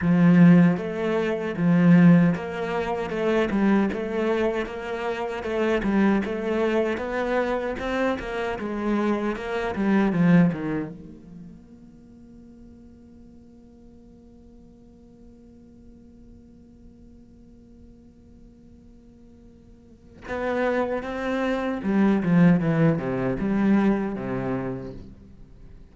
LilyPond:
\new Staff \with { instrumentName = "cello" } { \time 4/4 \tempo 4 = 77 f4 a4 f4 ais4 | a8 g8 a4 ais4 a8 g8 | a4 b4 c'8 ais8 gis4 | ais8 g8 f8 dis8 ais2~ |
ais1~ | ais1~ | ais2 b4 c'4 | g8 f8 e8 c8 g4 c4 | }